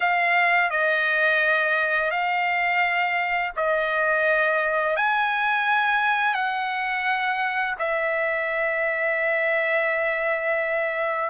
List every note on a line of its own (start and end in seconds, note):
0.00 0.70 F5
0.70 2.10 D#5
2.10 3.52 F5
3.56 4.96 D#5
4.96 6.34 G#5
6.34 7.75 F#5
7.78 11.29 E5